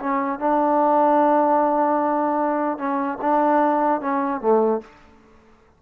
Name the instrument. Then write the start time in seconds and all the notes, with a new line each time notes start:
trombone
0.00 C#4
0.39 D4
2.78 C#4
3.21 D4
4.01 C#4
4.41 A3